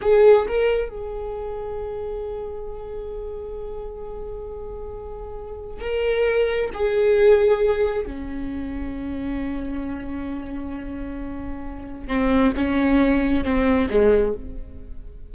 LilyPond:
\new Staff \with { instrumentName = "viola" } { \time 4/4 \tempo 4 = 134 gis'4 ais'4 gis'2~ | gis'1~ | gis'1~ | gis'4 ais'2 gis'4~ |
gis'2 cis'2~ | cis'1~ | cis'2. c'4 | cis'2 c'4 gis4 | }